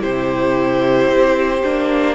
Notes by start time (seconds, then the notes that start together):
0.00 C3 E4 G4 C5
1.08 C4
1.64 A#3 D4